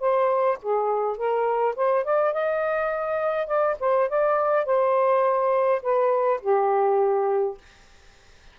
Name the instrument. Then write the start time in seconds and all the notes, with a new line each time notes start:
saxophone
0.00 C5
0.62 G#4
1.17 A#4
1.76 C5
2.04 D5
2.33 D#5
3.47 D5
3.80 C5
4.09 D5
4.65 C5
5.83 B4
6.41 G4